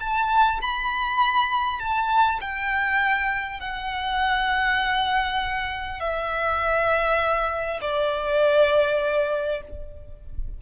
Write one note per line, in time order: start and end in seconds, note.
0.00 0.60 A5
0.62 1.80 B5
1.80 2.40 A5
2.41 3.61 G5
3.61 6.01 F#5
6.01 7.81 E5
7.82 9.62 D5